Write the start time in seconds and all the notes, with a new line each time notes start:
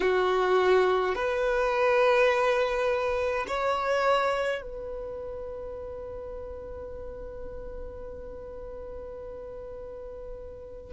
0.00 F#4
1.15 B4
3.47 C#5
4.61 B4